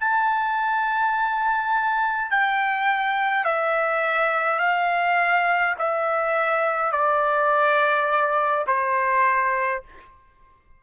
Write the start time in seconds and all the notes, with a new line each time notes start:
0.00 A5
2.30 G5
3.44 E5
4.59 F5
5.78 E5
6.91 D5
8.66 C5